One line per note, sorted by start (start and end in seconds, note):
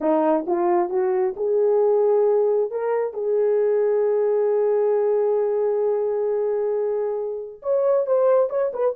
0.00 0.45 D#4
0.46 0.89 F4
0.89 1.34 F#4
1.36 2.70 G#4
2.70 3.13 A#4
3.13 7.61 G#4
7.62 8.06 C#5
8.06 8.49 C5
8.49 8.72 C#5
8.73 8.95 B4